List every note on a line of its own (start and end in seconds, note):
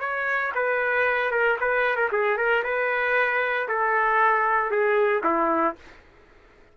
0.00 0.52 C#5
0.55 1.31 B4
1.31 1.57 A#4
1.60 1.96 B4
1.96 2.09 A#4
2.12 2.37 G#4
2.37 2.63 A#4
2.64 3.68 B4
3.69 4.71 A4
4.71 5.23 G#4
5.24 5.76 E4